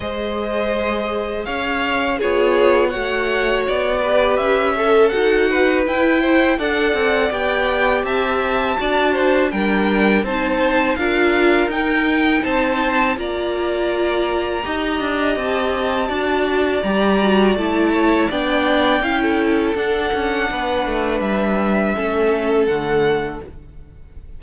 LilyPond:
<<
  \new Staff \with { instrumentName = "violin" } { \time 4/4 \tempo 4 = 82 dis''2 f''4 cis''4 | fis''4 d''4 e''4 fis''4 | g''4 fis''4 g''4 a''4~ | a''4 g''4 a''4 f''4 |
g''4 a''4 ais''2~ | ais''4 a''2 ais''4 | a''4 g''2 fis''4~ | fis''4 e''2 fis''4 | }
  \new Staff \with { instrumentName = "violin" } { \time 4/4 c''2 cis''4 gis'4 | cis''4. b'4 a'4 b'8~ | b'8 c''8 d''2 e''4 | d''8 c''8 ais'4 c''4 ais'4~ |
ais'4 c''4 d''2 | dis''2 d''2~ | d''8 cis''8 d''4 f''16 a'4.~ a'16 | b'2 a'2 | }
  \new Staff \with { instrumentName = "viola" } { \time 4/4 gis'2. f'4 | fis'4. g'4 a'8 fis'4 | e'4 a'4 g'2 | fis'4 d'4 dis'4 f'4 |
dis'2 f'2 | g'2 fis'4 g'8 fis'8 | e'4 d'4 e'4 d'4~ | d'2 cis'4 a4 | }
  \new Staff \with { instrumentName = "cello" } { \time 4/4 gis2 cis'4 b4 | a4 b4 cis'4 dis'4 | e'4 d'8 c'8 b4 c'4 | d'4 g4 c'4 d'4 |
dis'4 c'4 ais2 | dis'8 d'8 c'4 d'4 g4 | a4 b4 cis'4 d'8 cis'8 | b8 a8 g4 a4 d4 | }
>>